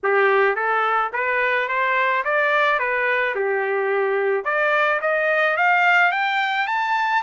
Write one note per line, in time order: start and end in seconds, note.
0.03 0.55 G4
0.55 1.11 A4
1.12 1.68 B4
1.68 2.23 C5
2.24 2.79 D5
2.79 3.34 B4
3.35 4.44 G4
4.44 5.00 D5
5.01 5.56 D#5
5.57 6.11 F5
6.11 6.67 G5
6.67 7.22 A5